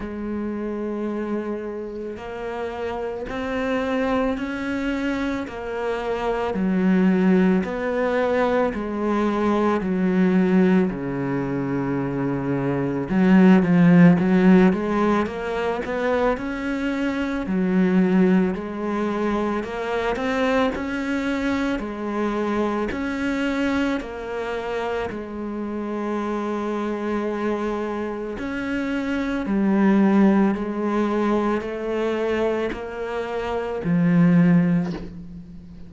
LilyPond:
\new Staff \with { instrumentName = "cello" } { \time 4/4 \tempo 4 = 55 gis2 ais4 c'4 | cis'4 ais4 fis4 b4 | gis4 fis4 cis2 | fis8 f8 fis8 gis8 ais8 b8 cis'4 |
fis4 gis4 ais8 c'8 cis'4 | gis4 cis'4 ais4 gis4~ | gis2 cis'4 g4 | gis4 a4 ais4 f4 | }